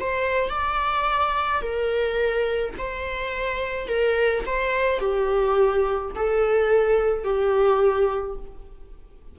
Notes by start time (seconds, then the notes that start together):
0.00 C5
0.50 D5
1.62 A#4
2.78 C5
3.88 A#4
4.46 C5
4.99 G4
6.15 A4
7.24 G4